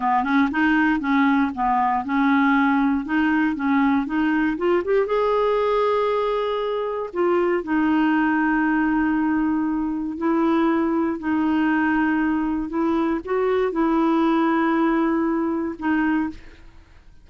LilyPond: \new Staff \with { instrumentName = "clarinet" } { \time 4/4 \tempo 4 = 118 b8 cis'8 dis'4 cis'4 b4 | cis'2 dis'4 cis'4 | dis'4 f'8 g'8 gis'2~ | gis'2 f'4 dis'4~ |
dis'1 | e'2 dis'2~ | dis'4 e'4 fis'4 e'4~ | e'2. dis'4 | }